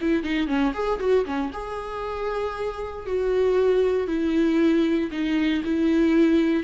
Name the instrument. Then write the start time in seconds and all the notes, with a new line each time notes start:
viola
0.00 E4
0.23 D#4
0.47 C#4
0.73 G#4
0.99 F#4
1.25 C#4
1.53 G#4
3.06 F#4
4.07 E4
5.11 D#4
5.64 E4